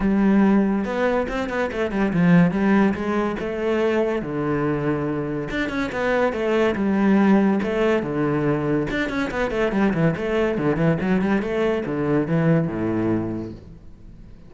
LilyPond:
\new Staff \with { instrumentName = "cello" } { \time 4/4 \tempo 4 = 142 g2 b4 c'8 b8 | a8 g8 f4 g4 gis4 | a2 d2~ | d4 d'8 cis'8 b4 a4 |
g2 a4 d4~ | d4 d'8 cis'8 b8 a8 g8 e8 | a4 d8 e8 fis8 g8 a4 | d4 e4 a,2 | }